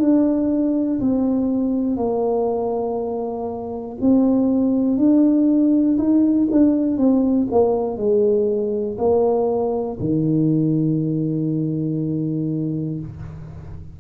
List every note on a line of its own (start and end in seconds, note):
0.00 1.00 D4
1.00 1.97 C4
1.97 3.97 A#3
4.01 4.97 C4
4.97 5.97 D4
5.98 6.48 D#4
6.51 6.98 D4
6.98 7.48 C4
7.51 7.97 A#3
7.97 8.97 G#3
8.98 9.98 A#3
10.00 13.00 D#3